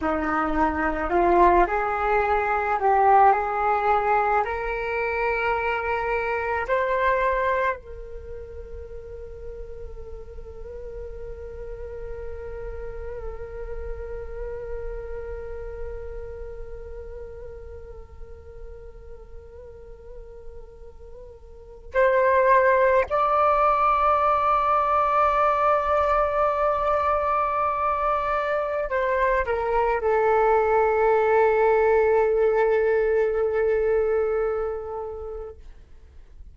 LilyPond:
\new Staff \with { instrumentName = "flute" } { \time 4/4 \tempo 4 = 54 dis'4 f'8 gis'4 g'8 gis'4 | ais'2 c''4 ais'4~ | ais'1~ | ais'1~ |
ais'2.~ ais'8. c''16~ | c''8. d''2.~ d''16~ | d''2 c''8 ais'8 a'4~ | a'1 | }